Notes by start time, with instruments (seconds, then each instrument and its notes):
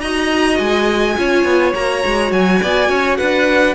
0.00 cello D#4, viola F#4, violin D#5 A#5
0.58 cello G#3, violin G#5
1.16 cello C#4, viola F4, violin C#5
1.44 cello B3
1.74 cello A#3, viola F#4, violin A#5
2.06 cello G#3
2.31 cello F#3, violin G#5
2.62 cello B3, violin D5
2.89 cello C#4, violin C#5
3.17 cello D4, violin B4 F#5